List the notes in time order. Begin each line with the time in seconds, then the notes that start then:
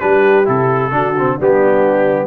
0.00 G3 D4 G4 B4
0.45 C3 E4 A4
0.92 D3 D4 F#4
1.18 C4
1.37 G3 B3 D4 G4